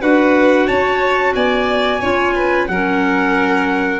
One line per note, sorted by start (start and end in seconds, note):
0.00 0.69 D4
0.00 2.00 F#4
0.00 0.66 B4
0.00 0.68 F#5
0.66 1.35 C#4
0.66 1.33 C#5
0.66 1.34 A5
1.35 2.02 B3
1.35 2.00 D5
1.35 2.68 G#5
2.00 2.69 C#4
2.00 2.68 F4
2.00 2.34 C#5
2.35 2.68 B4
2.68 4.00 F#3
2.68 4.00 C#4
2.68 4.00 A#4
2.68 4.00 F#5